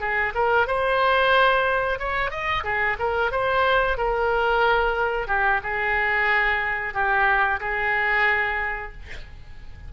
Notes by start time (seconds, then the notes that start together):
0.00 G#4
0.34 A#4
0.67 C5
1.99 C#5
2.30 D#5
2.64 G#4
2.99 A#4
3.31 C5
3.97 A#4
5.27 G4
5.63 G#4
6.94 G4
7.60 G#4